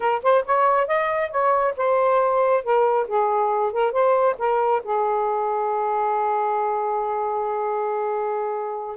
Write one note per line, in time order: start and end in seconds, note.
0.00 0.22 A#4
0.22 0.44 C5
0.45 0.87 C#5
0.87 1.30 D#5
1.30 1.74 C#5
1.77 2.63 C5
2.63 3.07 A#4
3.07 3.72 G#4
3.72 3.91 A#4
3.91 4.35 C5
4.38 4.82 A#4
4.84 8.97 G#4